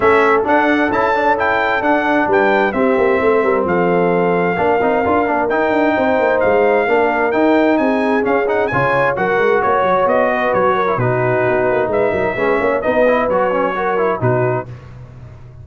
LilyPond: <<
  \new Staff \with { instrumentName = "trumpet" } { \time 4/4 \tempo 4 = 131 e''4 fis''4 a''4 g''4 | fis''4 g''4 e''2 | f''1 | g''2 f''2 |
g''4 gis''4 f''8 fis''8 gis''4 | fis''4 cis''4 dis''4 cis''4 | b'2 e''2 | dis''4 cis''2 b'4 | }
  \new Staff \with { instrumentName = "horn" } { \time 4/4 a'1~ | a'4 b'4 g'4 c''8 ais'8 | a'2 ais'2~ | ais'4 c''2 ais'4~ |
ais'4 gis'2 cis''4 | ais'4 cis''4. b'4 ais'8 | fis'2 b'8 ais'8 b'8 cis''8 | b'2 ais'4 fis'4 | }
  \new Staff \with { instrumentName = "trombone" } { \time 4/4 cis'4 d'4 e'8 d'8 e'4 | d'2 c'2~ | c'2 d'8 dis'8 f'8 d'8 | dis'2. d'4 |
dis'2 cis'8 dis'8 f'4 | fis'2.~ fis'8. e'16 | dis'2. cis'4 | dis'8 e'8 fis'8 cis'8 fis'8 e'8 dis'4 | }
  \new Staff \with { instrumentName = "tuba" } { \time 4/4 a4 d'4 cis'2 | d'4 g4 c'8 ais8 a8 g8 | f2 ais8 c'8 d'8 ais8 | dis'8 d'8 c'8 ais8 gis4 ais4 |
dis'4 c'4 cis'4 cis4 | fis8 gis8 ais8 fis8 b4 fis4 | b,4 b8 ais8 gis8 fis8 gis8 ais8 | b4 fis2 b,4 | }
>>